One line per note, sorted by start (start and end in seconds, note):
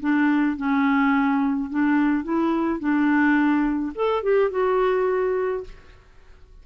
0.00 0.56 D4
0.56 1.70 C#4
1.70 2.24 D4
2.24 2.79 E4
2.79 3.92 D4
3.95 4.23 A4
4.23 4.51 G4
4.51 5.64 F#4